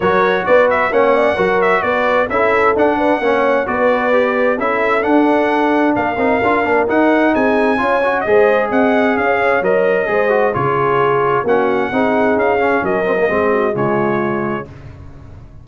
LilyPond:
<<
  \new Staff \with { instrumentName = "trumpet" } { \time 4/4 \tempo 4 = 131 cis''4 d''8 e''8 fis''4. e''8 | d''4 e''4 fis''2 | d''2 e''4 fis''4~ | fis''4 f''2 fis''4 |
gis''2 dis''4 fis''4 | f''4 dis''2 cis''4~ | cis''4 fis''2 f''4 | dis''2 cis''2 | }
  \new Staff \with { instrumentName = "horn" } { \time 4/4 ais'4 b'4 cis''8 d''8 ais'4 | b'4 a'4. b'8 cis''4 | b'2 a'2~ | a'4 ais'2. |
gis'4 cis''4 c''4 dis''4 | cis''2 c''4 gis'4~ | gis'4 fis'4 gis'2 | ais'4 gis'8 fis'8 f'2 | }
  \new Staff \with { instrumentName = "trombone" } { \time 4/4 fis'2 cis'4 fis'4~ | fis'4 e'4 d'4 cis'4 | fis'4 g'4 e'4 d'4~ | d'4. dis'8 f'8 d'8 dis'4~ |
dis'4 f'8 fis'8 gis'2~ | gis'4 ais'4 gis'8 fis'8 f'4~ | f'4 cis'4 dis'4. cis'8~ | cis'8 c'16 ais16 c'4 gis2 | }
  \new Staff \with { instrumentName = "tuba" } { \time 4/4 fis4 b4 ais4 fis4 | b4 cis'4 d'4 ais4 | b2 cis'4 d'4~ | d'4 ais8 c'8 d'8 ais8 dis'4 |
c'4 cis'4 gis4 c'4 | cis'4 fis4 gis4 cis4~ | cis4 ais4 c'4 cis'4 | fis4 gis4 cis2 | }
>>